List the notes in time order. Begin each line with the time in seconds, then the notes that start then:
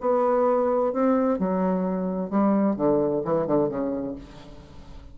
0.00 B3
0.93 C4
1.38 F#3
2.30 G3
2.76 D3
3.25 E3
3.47 D3
3.69 C#3